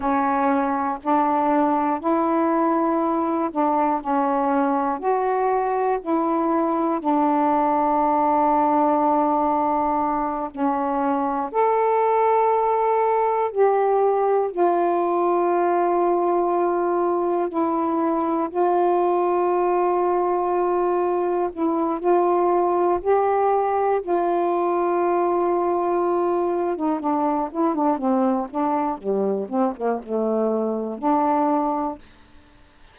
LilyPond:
\new Staff \with { instrumentName = "saxophone" } { \time 4/4 \tempo 4 = 60 cis'4 d'4 e'4. d'8 | cis'4 fis'4 e'4 d'4~ | d'2~ d'8 cis'4 a'8~ | a'4. g'4 f'4.~ |
f'4. e'4 f'4.~ | f'4. e'8 f'4 g'4 | f'2~ f'8. dis'16 d'8 e'16 d'16 | c'8 d'8 g8 c'16 ais16 a4 d'4 | }